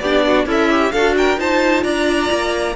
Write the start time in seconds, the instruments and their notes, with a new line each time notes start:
0.00 cello B3, viola D4, violin G4 D5
0.26 violin F#4
0.46 cello C#4, violin E4 E5, viola A4
0.70 viola G4
0.92 cello D4, viola F#4, violin A4 F5
1.17 violin A#4 G5
1.36 cello D#4, viola F4, violin C5 A5
1.83 cello D4, violin D5 A#5
2.32 cello A#3